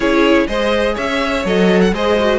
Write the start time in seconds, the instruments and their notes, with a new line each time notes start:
0.00 cello C#4, viola E4, violin G#4 C#5
0.47 cello G#3, viola G#4, violin C5 D#5
0.94 cello C#4, violin C#5 E5
1.44 cello F#3, viola A4, violin D#5
1.81 violin F#5
1.92 cello G#3, viola G#4, violin C5 D#5
2.20 viola F#4